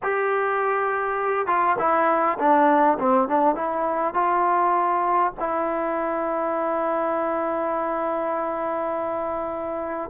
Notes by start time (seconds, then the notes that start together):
0.02 G4
1.46 F4
1.78 E4
2.38 D4
2.99 C4
3.28 D4
3.55 E4
4.14 F4
5.39 E4